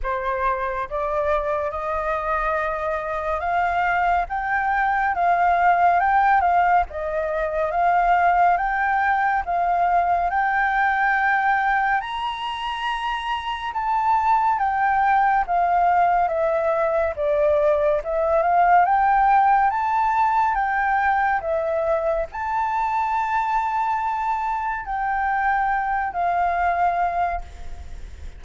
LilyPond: \new Staff \with { instrumentName = "flute" } { \time 4/4 \tempo 4 = 70 c''4 d''4 dis''2 | f''4 g''4 f''4 g''8 f''8 | dis''4 f''4 g''4 f''4 | g''2 ais''2 |
a''4 g''4 f''4 e''4 | d''4 e''8 f''8 g''4 a''4 | g''4 e''4 a''2~ | a''4 g''4. f''4. | }